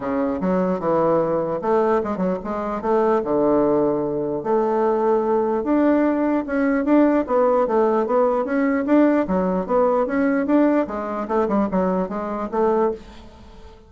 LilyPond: \new Staff \with { instrumentName = "bassoon" } { \time 4/4 \tempo 4 = 149 cis4 fis4 e2 | a4 gis8 fis8 gis4 a4 | d2. a4~ | a2 d'2 |
cis'4 d'4 b4 a4 | b4 cis'4 d'4 fis4 | b4 cis'4 d'4 gis4 | a8 g8 fis4 gis4 a4 | }